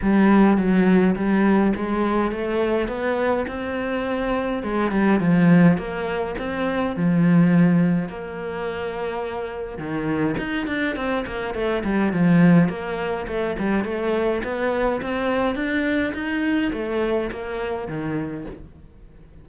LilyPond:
\new Staff \with { instrumentName = "cello" } { \time 4/4 \tempo 4 = 104 g4 fis4 g4 gis4 | a4 b4 c'2 | gis8 g8 f4 ais4 c'4 | f2 ais2~ |
ais4 dis4 dis'8 d'8 c'8 ais8 | a8 g8 f4 ais4 a8 g8 | a4 b4 c'4 d'4 | dis'4 a4 ais4 dis4 | }